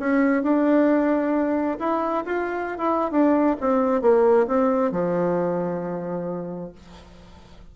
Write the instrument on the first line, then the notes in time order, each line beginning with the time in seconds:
bassoon
0.00 C#4
0.43 D4
1.79 E4
2.25 F4
2.78 E4
3.11 D4
3.60 C4
4.02 A#3
4.47 C4
4.92 F3